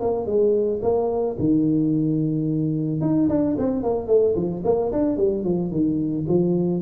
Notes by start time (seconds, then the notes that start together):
0.00 A#3
0.26 G#3
0.82 A#3
1.39 D#3
3.01 D#4
3.29 D4
3.58 C4
3.83 A#3
4.07 A3
4.35 F3
4.64 A#3
4.92 D4
5.17 G3
5.43 F3
5.71 D#3
6.28 F3